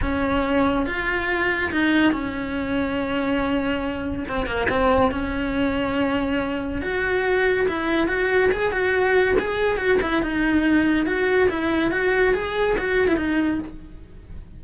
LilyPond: \new Staff \with { instrumentName = "cello" } { \time 4/4 \tempo 4 = 141 cis'2 f'2 | dis'4 cis'2.~ | cis'2 c'8 ais8 c'4 | cis'1 |
fis'2 e'4 fis'4 | gis'8 fis'4. gis'4 fis'8 e'8 | dis'2 fis'4 e'4 | fis'4 gis'4 fis'8. e'16 dis'4 | }